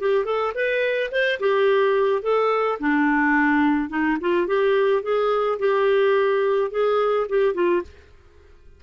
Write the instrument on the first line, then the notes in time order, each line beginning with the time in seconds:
clarinet
0.00 G4
0.25 A4
0.55 B4
1.12 C5
1.40 G4
2.23 A4
2.80 D4
3.90 D#4
4.21 F4
4.47 G4
5.03 G#4
5.59 G4
6.71 G#4
7.29 G4
7.54 F4